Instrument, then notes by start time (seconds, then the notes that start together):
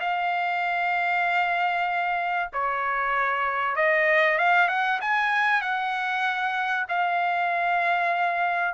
trumpet
0.00 F5
2.53 C#5
3.75 D#5
4.38 F5
4.68 F#5
5.01 G#5
5.61 F#5
6.88 F5